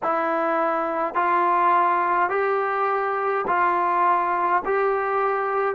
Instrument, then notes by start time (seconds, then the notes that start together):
trombone
0.03 E4
1.14 F4
2.29 G4
3.47 F4
4.65 G4